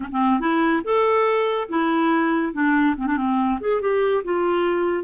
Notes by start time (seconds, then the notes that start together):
0.00 C#4
0.11 C4
0.40 E4
0.83 A4
1.69 E4
2.53 D4
2.96 C4
3.06 D4
3.16 C4
3.60 G#4
3.81 G4
4.23 F4